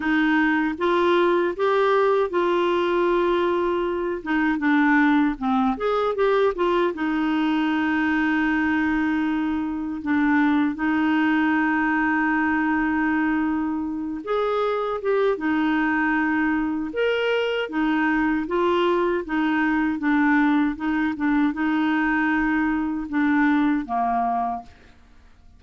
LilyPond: \new Staff \with { instrumentName = "clarinet" } { \time 4/4 \tempo 4 = 78 dis'4 f'4 g'4 f'4~ | f'4. dis'8 d'4 c'8 gis'8 | g'8 f'8 dis'2.~ | dis'4 d'4 dis'2~ |
dis'2~ dis'8 gis'4 g'8 | dis'2 ais'4 dis'4 | f'4 dis'4 d'4 dis'8 d'8 | dis'2 d'4 ais4 | }